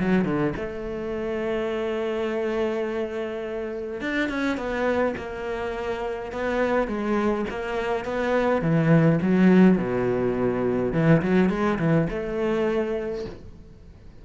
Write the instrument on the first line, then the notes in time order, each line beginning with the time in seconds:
cello
0.00 F#3
0.25 D3
0.57 A3
4.01 D4
4.30 C#4
4.58 B3
5.17 A#3
6.33 B3
6.88 G#3
7.50 A#3
8.05 B3
8.62 E3
9.22 F#3
9.78 B2
10.93 E3
11.22 F#3
11.50 G#3
11.80 E3
12.10 A3